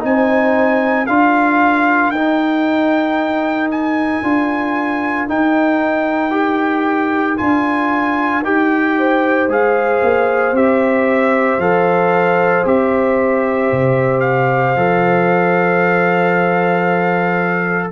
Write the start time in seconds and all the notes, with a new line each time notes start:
0.00 C4 D#4 G#5
0.06 C5
1.06 D4 F4 A#4 F5
2.11 D#4 G5
3.71 G#5
4.22 D4 F4
5.28 D#4 G5
6.31 G4
7.37 D4 F4 G#5
8.44 D#4 G4 G5
8.98 C5
9.48 G#3 G#4 F5
10.02 A#3
10.52 C4 G4 E5
11.58 F3 A4 F5
12.65 C4 G4 E5
13.72 C3
14.20 F5
14.76 F3 A4